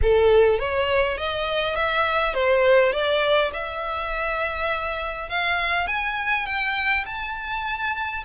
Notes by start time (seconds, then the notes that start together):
0.02 A4
0.59 C#5
1.17 D#5
1.75 E5
2.33 C5
2.92 D5
3.53 E5
5.29 F5
5.87 G#5
6.46 G5
7.05 A5